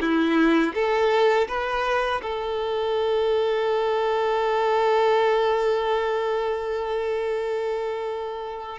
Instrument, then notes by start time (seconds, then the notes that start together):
violin
0.00 E4
0.74 A4
1.47 B4
2.22 A4